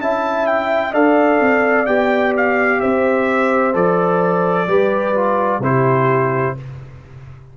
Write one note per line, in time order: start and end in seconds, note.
0.00 0.93 C#4
0.00 0.93 E4
0.00 0.91 E5
0.00 0.46 A5
0.46 0.93 G5
0.91 1.40 D4
0.91 1.86 A4
0.91 2.79 D5
0.91 1.86 F5
1.40 1.87 C4
1.86 2.81 B3
1.86 3.73 G4
1.86 2.32 G5
2.36 2.80 F5
2.80 3.74 C4
2.80 4.68 C5
2.80 3.74 E5
3.73 4.67 F3
3.73 4.67 A4
3.73 5.62 D5
4.67 5.59 G3
4.67 5.14 G4
4.67 5.61 B4
5.14 5.61 F4
5.59 6.53 C3
5.59 6.56 E4
5.59 6.55 G4
5.59 6.57 C5